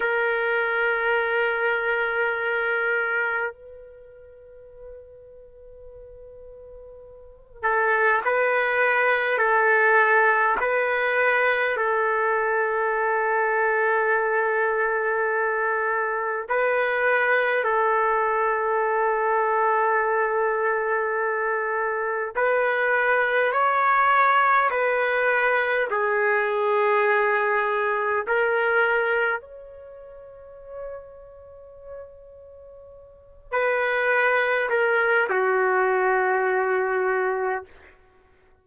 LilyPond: \new Staff \with { instrumentName = "trumpet" } { \time 4/4 \tempo 4 = 51 ais'2. b'4~ | b'2~ b'8 a'8 b'4 | a'4 b'4 a'2~ | a'2 b'4 a'4~ |
a'2. b'4 | cis''4 b'4 gis'2 | ais'4 cis''2.~ | cis''8 b'4 ais'8 fis'2 | }